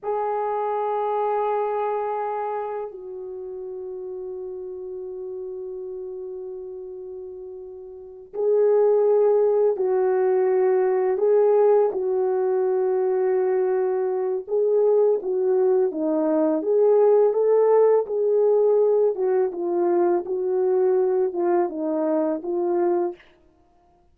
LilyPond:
\new Staff \with { instrumentName = "horn" } { \time 4/4 \tempo 4 = 83 gis'1 | fis'1~ | fis'2.~ fis'8 gis'8~ | gis'4. fis'2 gis'8~ |
gis'8 fis'2.~ fis'8 | gis'4 fis'4 dis'4 gis'4 | a'4 gis'4. fis'8 f'4 | fis'4. f'8 dis'4 f'4 | }